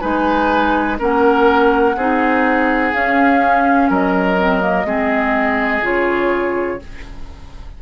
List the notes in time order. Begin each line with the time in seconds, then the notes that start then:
0.00 G#3 D#4 B4 G#5
0.98 A#3 C#4 A#4 F#5
1.96 C4 D#4 G#4
2.93 C#4 F5
3.89 F#3 A#4 D#5
4.38 C4
4.60 A#3
4.84 G#3 C4 G#4
5.82 C#3 F4 C#5